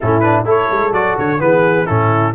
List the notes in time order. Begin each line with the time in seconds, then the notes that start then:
0.00 A2 C#4 E4 A4
0.20 D4 B4
0.45 A3 E4 A4 C#5
0.71 G#3
0.92 F#3 F#4 D5
1.18 D3 C#5
1.38 E3 B3 G#4 B4
1.86 A2 C#4 E4 A4